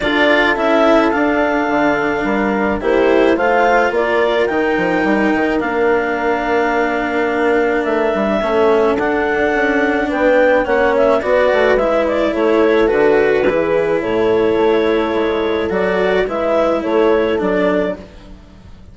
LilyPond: <<
  \new Staff \with { instrumentName = "clarinet" } { \time 4/4 \tempo 4 = 107 d''4 e''4 f''2~ | f''4 c''4 f''4 d''4 | g''2 f''2~ | f''2 e''2 |
fis''2 g''4 fis''8 e''8 | d''4 e''8 d''8 cis''4 b'4~ | b'4 cis''2. | d''4 e''4 cis''4 d''4 | }
  \new Staff \with { instrumentName = "horn" } { \time 4/4 a'1 | ais'4 g'4 c''4 ais'4~ | ais'1~ | ais'2. a'4~ |
a'2 b'4 cis''4 | b'2 a'2 | gis'4 a'2.~ | a'4 b'4 a'2 | }
  \new Staff \with { instrumentName = "cello" } { \time 4/4 f'4 e'4 d'2~ | d'4 e'4 f'2 | dis'2 d'2~ | d'2. cis'4 |
d'2. cis'4 | fis'4 e'2 fis'4 | e'1 | fis'4 e'2 d'4 | }
  \new Staff \with { instrumentName = "bassoon" } { \time 4/4 d'4 cis'4 d'4 d4 | g4 ais4 a4 ais4 | dis8 f8 g8 dis8 ais2~ | ais2 a8 g8 a4 |
d'4 cis'4 b4 ais4 | b8 a8 gis4 a4 d4 | e4 a,4 a4 gis4 | fis4 gis4 a4 fis4 | }
>>